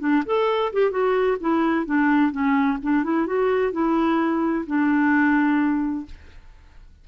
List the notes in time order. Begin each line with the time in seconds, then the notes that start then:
0.00 D4
0.26 A4
0.73 G4
0.91 F#4
1.41 E4
1.86 D4
2.32 C#4
2.83 D4
3.04 E4
3.27 F#4
3.73 E4
4.67 D4